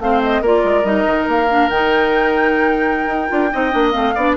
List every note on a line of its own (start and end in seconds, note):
0.00 0.41 A3
0.00 0.45 C4
0.00 0.42 C5
0.00 0.23 F5
0.23 0.45 D#5
0.41 0.63 A#3
0.41 0.84 F4
0.41 3.51 A#4
0.41 0.85 D5
0.65 0.84 G#3
0.84 1.05 G3
0.84 1.48 D#4
0.84 1.28 D#5
1.06 1.27 D#3
1.28 1.70 A#3
1.28 1.69 F5
1.49 1.71 D4
1.69 3.07 D#3
1.69 3.28 D#4
1.69 3.90 G5
3.07 3.28 D#4
3.28 3.53 D4
3.28 3.50 F4
3.52 3.74 C4
3.52 3.71 D#4
3.52 4.15 D#5
3.71 3.95 A#3
3.71 3.92 D4
3.90 4.16 A3
3.90 4.14 C4
3.90 4.33 F5
4.15 4.37 B3
4.15 4.37 D4
4.15 4.36 D5